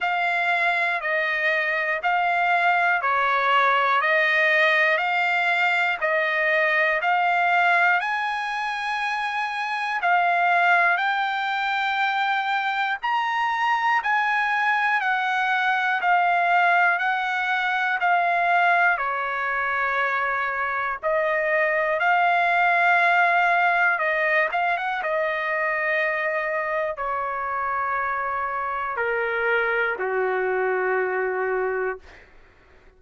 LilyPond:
\new Staff \with { instrumentName = "trumpet" } { \time 4/4 \tempo 4 = 60 f''4 dis''4 f''4 cis''4 | dis''4 f''4 dis''4 f''4 | gis''2 f''4 g''4~ | g''4 ais''4 gis''4 fis''4 |
f''4 fis''4 f''4 cis''4~ | cis''4 dis''4 f''2 | dis''8 f''16 fis''16 dis''2 cis''4~ | cis''4 ais'4 fis'2 | }